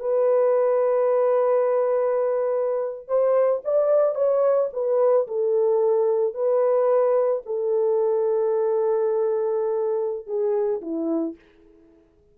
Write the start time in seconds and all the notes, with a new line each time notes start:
0.00 B4
3.08 C5
3.65 D5
4.15 C#5
4.73 B4
5.28 A4
6.34 B4
7.46 A4
10.27 G#4
10.81 E4